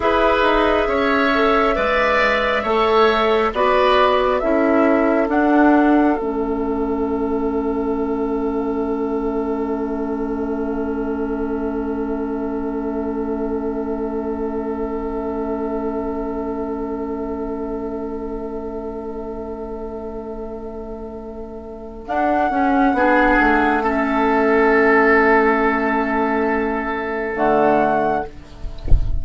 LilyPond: <<
  \new Staff \with { instrumentName = "flute" } { \time 4/4 \tempo 4 = 68 e''1 | d''4 e''4 fis''4 e''4~ | e''1~ | e''1~ |
e''1~ | e''1~ | e''4 fis''2 e''4~ | e''2. fis''4 | }
  \new Staff \with { instrumentName = "oboe" } { \time 4/4 b'4 cis''4 d''4 cis''4 | b'4 a'2.~ | a'1~ | a'1~ |
a'1~ | a'1~ | a'2 gis'4 a'4~ | a'1 | }
  \new Staff \with { instrumentName = "clarinet" } { \time 4/4 gis'4. a'8 b'4 a'4 | fis'4 e'4 d'4 cis'4~ | cis'1~ | cis'1~ |
cis'1~ | cis'1~ | cis'4 d'8 cis'8 d'4 cis'4~ | cis'2. a4 | }
  \new Staff \with { instrumentName = "bassoon" } { \time 4/4 e'8 dis'8 cis'4 gis4 a4 | b4 cis'4 d'4 a4~ | a1~ | a1~ |
a1~ | a1~ | a4 d'8 cis'8 b8 a4.~ | a2. d4 | }
>>